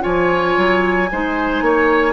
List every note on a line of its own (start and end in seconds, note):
0.00 0.57 F3
0.00 1.07 F4
0.00 1.09 C#5
0.00 2.13 G#5
0.57 1.10 F#3
1.11 1.61 G#3
1.11 2.13 D#4
1.11 1.64 C5
1.61 2.13 A#3
1.61 2.13 C#5